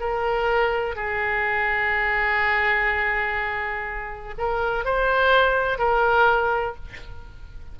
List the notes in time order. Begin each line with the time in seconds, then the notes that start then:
0.00 A#4
0.96 G#4
4.38 A#4
4.85 C5
5.79 A#4